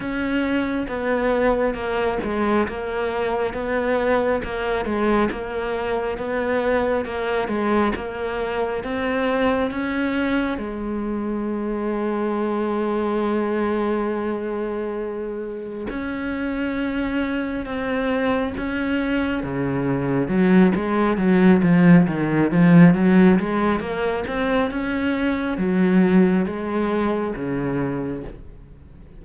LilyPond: \new Staff \with { instrumentName = "cello" } { \time 4/4 \tempo 4 = 68 cis'4 b4 ais8 gis8 ais4 | b4 ais8 gis8 ais4 b4 | ais8 gis8 ais4 c'4 cis'4 | gis1~ |
gis2 cis'2 | c'4 cis'4 cis4 fis8 gis8 | fis8 f8 dis8 f8 fis8 gis8 ais8 c'8 | cis'4 fis4 gis4 cis4 | }